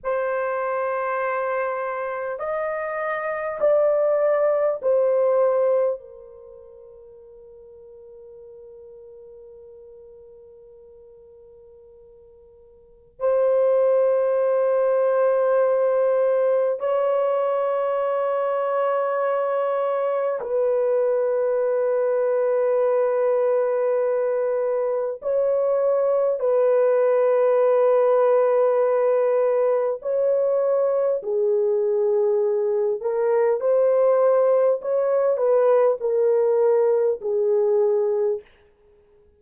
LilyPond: \new Staff \with { instrumentName = "horn" } { \time 4/4 \tempo 4 = 50 c''2 dis''4 d''4 | c''4 ais'2.~ | ais'2. c''4~ | c''2 cis''2~ |
cis''4 b'2.~ | b'4 cis''4 b'2~ | b'4 cis''4 gis'4. ais'8 | c''4 cis''8 b'8 ais'4 gis'4 | }